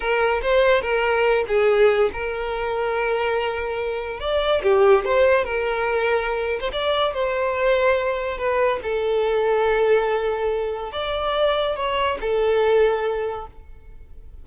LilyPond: \new Staff \with { instrumentName = "violin" } { \time 4/4 \tempo 4 = 143 ais'4 c''4 ais'4. gis'8~ | gis'4 ais'2.~ | ais'2 d''4 g'4 | c''4 ais'2~ ais'8. c''16 |
d''4 c''2. | b'4 a'2.~ | a'2 d''2 | cis''4 a'2. | }